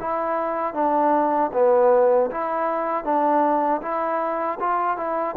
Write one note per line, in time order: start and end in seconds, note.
0.00 0.74 E4
0.74 1.51 D4
1.53 2.30 B3
2.31 3.04 E4
3.04 3.81 D4
3.82 4.59 E4
4.60 4.97 F4
4.97 5.35 E4